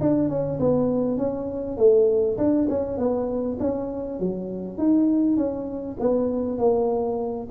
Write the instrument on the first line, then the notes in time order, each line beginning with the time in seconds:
tuba
0.00 D4
0.28 C#4
0.59 B3
1.17 C#4
1.77 A3
2.37 D4
2.69 C#4
2.97 B3
3.59 C#4
4.19 F#3
4.77 D#4
5.36 C#4
5.99 B3
6.58 A#3